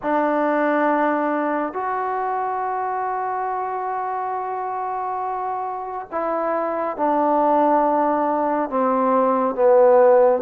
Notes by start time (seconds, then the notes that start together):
0.02 D4
1.73 F#4
6.11 E4
6.96 D4
8.69 C4
9.55 B3